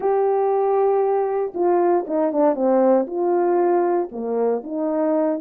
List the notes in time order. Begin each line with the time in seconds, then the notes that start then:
0.00 G4
1.54 F4
2.07 D#4
2.32 D4
2.55 C4
3.06 F4
4.11 A#3
4.63 D#4